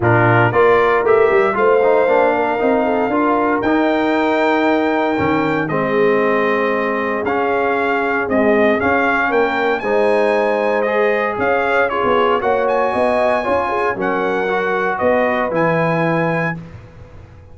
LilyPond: <<
  \new Staff \with { instrumentName = "trumpet" } { \time 4/4 \tempo 4 = 116 ais'4 d''4 e''4 f''4~ | f''2. g''4~ | g''2. dis''4~ | dis''2 f''2 |
dis''4 f''4 g''4 gis''4~ | gis''4 dis''4 f''4 cis''4 | fis''8 gis''2~ gis''8 fis''4~ | fis''4 dis''4 gis''2 | }
  \new Staff \with { instrumentName = "horn" } { \time 4/4 f'4 ais'2 c''4~ | c''8 ais'4 a'8 ais'2~ | ais'2. gis'4~ | gis'1~ |
gis'2 ais'4 c''4~ | c''2 cis''4 gis'4 | cis''4 dis''4 cis''8 gis'8 ais'4~ | ais'4 b'2. | }
  \new Staff \with { instrumentName = "trombone" } { \time 4/4 d'4 f'4 g'4 f'8 dis'8 | d'4 dis'4 f'4 dis'4~ | dis'2 cis'4 c'4~ | c'2 cis'2 |
gis4 cis'2 dis'4~ | dis'4 gis'2 f'4 | fis'2 f'4 cis'4 | fis'2 e'2 | }
  \new Staff \with { instrumentName = "tuba" } { \time 4/4 ais,4 ais4 a8 g8 a4 | ais4 c'4 d'4 dis'4~ | dis'2 dis4 gis4~ | gis2 cis'2 |
c'4 cis'4 ais4 gis4~ | gis2 cis'4~ cis'16 b8. | ais4 b4 cis'4 fis4~ | fis4 b4 e2 | }
>>